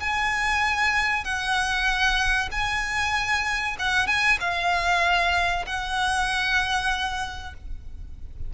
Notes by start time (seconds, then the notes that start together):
0.00 G#5
1.24 F#5
2.52 G#5
3.79 F#5
4.07 G#5
4.41 F5
5.66 F#5